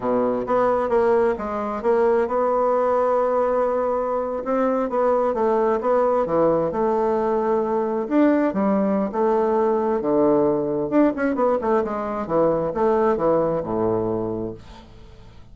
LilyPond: \new Staff \with { instrumentName = "bassoon" } { \time 4/4 \tempo 4 = 132 b,4 b4 ais4 gis4 | ais4 b2.~ | b4.~ b16 c'4 b4 a16~ | a8. b4 e4 a4~ a16~ |
a4.~ a16 d'4 g4~ g16 | a2 d2 | d'8 cis'8 b8 a8 gis4 e4 | a4 e4 a,2 | }